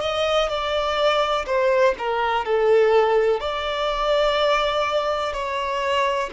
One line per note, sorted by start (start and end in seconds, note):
0.00 0.48 D#5
0.48 1.45 D5
1.46 1.94 C5
1.98 2.45 A#4
2.45 3.40 A4
3.40 5.33 D5
5.33 6.29 C#5